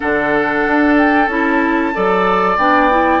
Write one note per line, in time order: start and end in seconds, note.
0.00 0.67 D3
0.00 1.27 D4
0.00 1.94 A4
0.00 0.96 F#5
0.67 1.27 D4
0.97 1.29 G5
1.27 1.92 C#4
1.27 1.93 E4
1.27 2.58 A5
1.93 2.57 F#3
1.93 2.58 A4
1.93 3.20 D5
2.57 3.20 B3
2.57 2.90 D4
2.57 3.20 G5
2.90 3.20 E4